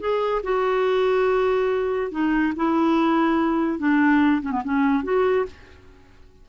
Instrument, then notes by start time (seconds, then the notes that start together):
clarinet
0.00 G#4
0.43 F#4
2.11 D#4
2.56 E4
3.79 D4
4.42 C#4
4.52 B3
4.64 C#4
5.04 F#4